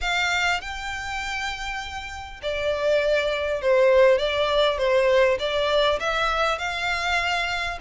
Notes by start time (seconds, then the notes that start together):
0.01 F5
0.60 G5
2.42 D5
3.61 C5
4.18 D5
4.78 C5
5.39 D5
5.99 E5
6.58 F5